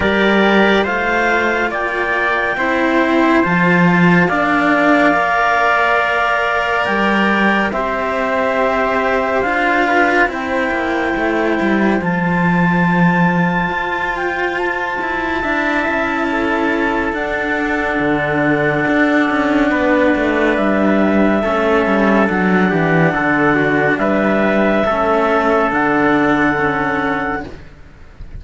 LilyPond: <<
  \new Staff \with { instrumentName = "clarinet" } { \time 4/4 \tempo 4 = 70 d''4 f''4 g''2 | a''4 f''2. | g''4 e''2 f''4 | g''2 a''2~ |
a''8 g''8 a''2. | fis''1 | e''2 fis''2 | e''2 fis''2 | }
  \new Staff \with { instrumentName = "trumpet" } { \time 4/4 ais'4 c''4 d''4 c''4~ | c''4 d''2.~ | d''4 c''2~ c''8 b'8 | c''1~ |
c''2 e''4 a'4~ | a'2. b'4~ | b'4 a'4. g'8 a'8 fis'8 | b'4 a'2. | }
  \new Staff \with { instrumentName = "cello" } { \time 4/4 g'4 f'2 e'4 | f'4 d'4 ais'2~ | ais'4 g'2 f'4 | e'2 f'2~ |
f'2 e'2 | d'1~ | d'4 cis'4 d'2~ | d'4 cis'4 d'4 cis'4 | }
  \new Staff \with { instrumentName = "cello" } { \time 4/4 g4 a4 ais4 c'4 | f4 ais2. | g4 c'2 d'4 | c'8 ais8 a8 g8 f2 |
f'4. e'8 d'8 cis'4. | d'4 d4 d'8 cis'8 b8 a8 | g4 a8 g8 fis8 e8 d4 | g4 a4 d2 | }
>>